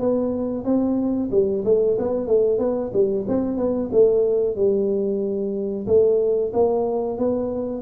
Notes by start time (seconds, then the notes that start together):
0.00 B3
0.65 C4
1.32 G3
1.65 A3
1.99 B3
2.28 A3
2.59 B3
2.93 G3
3.28 C4
3.58 B3
3.92 A3
4.56 G3
5.87 A3
6.54 A#3
7.18 B3